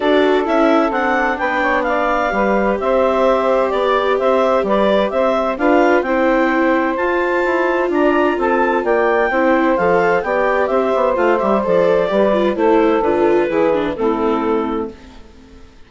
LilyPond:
<<
  \new Staff \with { instrumentName = "clarinet" } { \time 4/4 \tempo 4 = 129 d''4 e''4 fis''4 g''4 | f''2 e''2 | d''4 e''4 d''4 e''4 | f''4 g''2 a''4~ |
a''4 ais''4 a''4 g''4~ | g''4 f''4 g''4 e''4 | f''8 e''8 d''2 c''4 | b'2 a'2 | }
  \new Staff \with { instrumentName = "saxophone" } { \time 4/4 a'2. b'8 cis''8 | d''4 b'4 c''2 | d''4 c''4 b'4 c''4 | b'4 c''2.~ |
c''4 d''4 a'4 d''4 | c''2 d''4 c''4~ | c''2 b'4 a'4~ | a'4 gis'4 e'2 | }
  \new Staff \with { instrumentName = "viola" } { \time 4/4 fis'4 e'4 d'2~ | d'4 g'2.~ | g'1 | f'4 e'2 f'4~ |
f'1 | e'4 a'4 g'2 | f'8 g'8 a'4 g'8 f'8 e'4 | f'4 e'8 d'8 c'2 | }
  \new Staff \with { instrumentName = "bassoon" } { \time 4/4 d'4 cis'4 c'4 b4~ | b4 g4 c'2 | b4 c'4 g4 c'4 | d'4 c'2 f'4 |
e'4 d'4 c'4 ais4 | c'4 f4 b4 c'8 b8 | a8 g8 f4 g4 a4 | d4 e4 a2 | }
>>